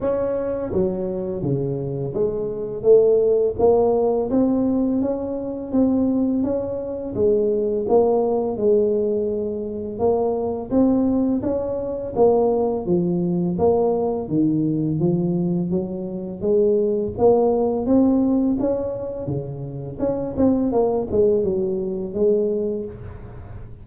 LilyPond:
\new Staff \with { instrumentName = "tuba" } { \time 4/4 \tempo 4 = 84 cis'4 fis4 cis4 gis4 | a4 ais4 c'4 cis'4 | c'4 cis'4 gis4 ais4 | gis2 ais4 c'4 |
cis'4 ais4 f4 ais4 | dis4 f4 fis4 gis4 | ais4 c'4 cis'4 cis4 | cis'8 c'8 ais8 gis8 fis4 gis4 | }